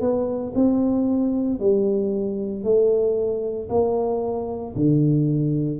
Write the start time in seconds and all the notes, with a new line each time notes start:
0.00 B3
0.55 C4
1.59 G3
2.63 A3
3.69 A#3
4.75 D3